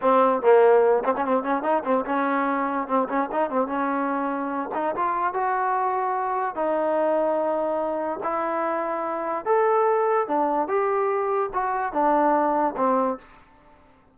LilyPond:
\new Staff \with { instrumentName = "trombone" } { \time 4/4 \tempo 4 = 146 c'4 ais4. c'16 cis'16 c'8 cis'8 | dis'8 c'8 cis'2 c'8 cis'8 | dis'8 c'8 cis'2~ cis'8 dis'8 | f'4 fis'2. |
dis'1 | e'2. a'4~ | a'4 d'4 g'2 | fis'4 d'2 c'4 | }